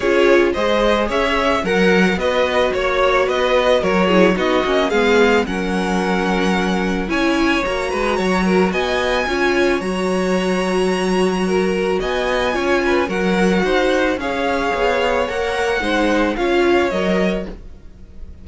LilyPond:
<<
  \new Staff \with { instrumentName = "violin" } { \time 4/4 \tempo 4 = 110 cis''4 dis''4 e''4 fis''4 | dis''4 cis''4 dis''4 cis''4 | dis''4 f''4 fis''2~ | fis''4 gis''4 ais''2 |
gis''2 ais''2~ | ais''2 gis''2 | fis''2 f''2 | fis''2 f''4 dis''4 | }
  \new Staff \with { instrumentName = "violin" } { \time 4/4 gis'4 c''4 cis''4 ais'4 | b'4 cis''4 b'4 ais'8 gis'8 | fis'4 gis'4 ais'2~ | ais'4 cis''4. b'8 cis''8 ais'8 |
dis''4 cis''2.~ | cis''4 ais'4 dis''4 cis''8 b'8 | ais'4 c''4 cis''2~ | cis''4 c''4 cis''2 | }
  \new Staff \with { instrumentName = "viola" } { \time 4/4 f'4 gis'2 ais'4 | fis'2.~ fis'8 e'8 | dis'8 cis'8 b4 cis'2~ | cis'4 e'4 fis'2~ |
fis'4 f'4 fis'2~ | fis'2. f'4 | fis'2 gis'2 | ais'4 dis'4 f'4 ais'4 | }
  \new Staff \with { instrumentName = "cello" } { \time 4/4 cis'4 gis4 cis'4 fis4 | b4 ais4 b4 fis4 | b8 ais8 gis4 fis2~ | fis4 cis'4 ais8 gis8 fis4 |
b4 cis'4 fis2~ | fis2 b4 cis'4 | fis4 dis'4 cis'4 b4 | ais4 gis4 cis'4 fis4 | }
>>